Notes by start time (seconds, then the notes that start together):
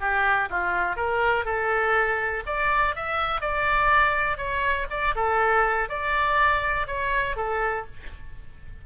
0.00 G4
0.50 F4
0.97 A#4
1.45 A4
2.46 D5
2.96 E5
3.41 D5
4.38 C#5
4.90 D5
5.16 A4
5.89 D5
6.87 C#5
7.37 A4